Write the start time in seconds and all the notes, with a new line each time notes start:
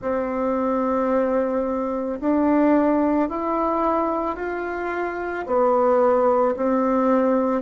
0.01 C4
2.20 D4
3.29 E4
4.36 F4
5.46 B3
6.56 C4